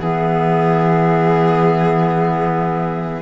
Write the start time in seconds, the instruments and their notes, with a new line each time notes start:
0.00 cello E3, clarinet B3 E5, violin G#4